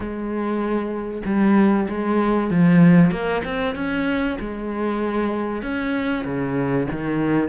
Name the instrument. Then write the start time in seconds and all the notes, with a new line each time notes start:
cello
0.00 G#3
1.25 G3
1.88 G#3
2.50 F3
3.11 A#3
3.44 C4
3.75 C#4
4.39 G#3
5.62 C#4
6.24 C#3
6.91 D#3